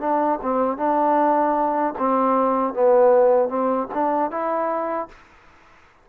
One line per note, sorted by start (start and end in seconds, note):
0.00 0.39 D4
0.42 0.77 C4
0.77 1.94 D4
1.98 2.74 C4
2.74 3.49 B3
3.49 3.87 C4
3.94 4.31 D4
4.31 5.09 E4